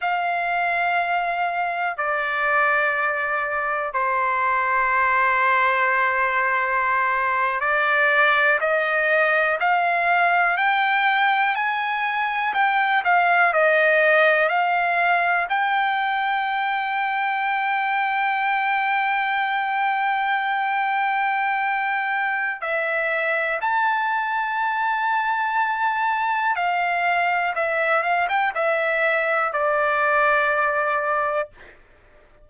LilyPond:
\new Staff \with { instrumentName = "trumpet" } { \time 4/4 \tempo 4 = 61 f''2 d''2 | c''2.~ c''8. d''16~ | d''8. dis''4 f''4 g''4 gis''16~ | gis''8. g''8 f''8 dis''4 f''4 g''16~ |
g''1~ | g''2. e''4 | a''2. f''4 | e''8 f''16 g''16 e''4 d''2 | }